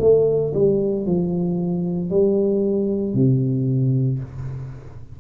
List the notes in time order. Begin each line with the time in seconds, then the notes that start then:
0.00 A3
0.55 G3
1.06 F3
2.11 G3
3.14 C3